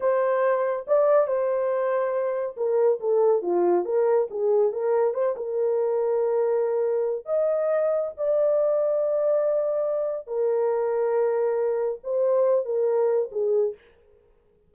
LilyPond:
\new Staff \with { instrumentName = "horn" } { \time 4/4 \tempo 4 = 140 c''2 d''4 c''4~ | c''2 ais'4 a'4 | f'4 ais'4 gis'4 ais'4 | c''8 ais'2.~ ais'8~ |
ais'4 dis''2 d''4~ | d''1 | ais'1 | c''4. ais'4. gis'4 | }